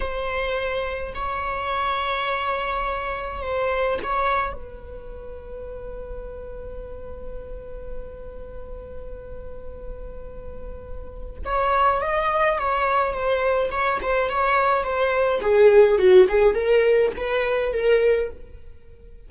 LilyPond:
\new Staff \with { instrumentName = "viola" } { \time 4/4 \tempo 4 = 105 c''2 cis''2~ | cis''2 c''4 cis''4 | b'1~ | b'1~ |
b'1 | cis''4 dis''4 cis''4 c''4 | cis''8 c''8 cis''4 c''4 gis'4 | fis'8 gis'8 ais'4 b'4 ais'4 | }